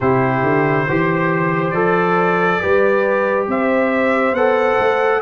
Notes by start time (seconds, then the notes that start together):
0.00 C3 E4 G4 C5
0.42 D3
0.86 E3 G4 C5
1.70 F3 A4 D5
2.60 G3 G4 B4
3.47 C4 C5 E5
4.32 B3 A4 F#5
4.79 A3